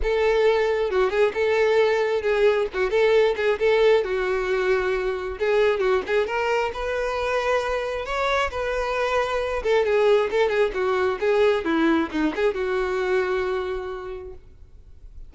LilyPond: \new Staff \with { instrumentName = "violin" } { \time 4/4 \tempo 4 = 134 a'2 fis'8 gis'8 a'4~ | a'4 gis'4 fis'8 a'4 gis'8 | a'4 fis'2. | gis'4 fis'8 gis'8 ais'4 b'4~ |
b'2 cis''4 b'4~ | b'4. a'8 gis'4 a'8 gis'8 | fis'4 gis'4 e'4 dis'8 gis'8 | fis'1 | }